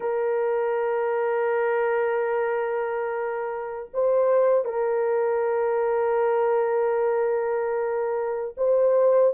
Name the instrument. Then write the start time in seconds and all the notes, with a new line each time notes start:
horn
0.00 A#4
3.93 C5
4.64 A#4
8.57 C5